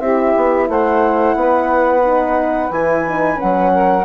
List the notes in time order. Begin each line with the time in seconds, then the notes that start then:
0.00 C4 E4 G4 E5
0.36 B3
0.69 A3 C5 F#5
1.35 B3 B4
2.04 D#4
2.71 E3 E4 G#5
3.08 D#4
3.36 C#4 F#5
3.43 F#3
3.73 A#4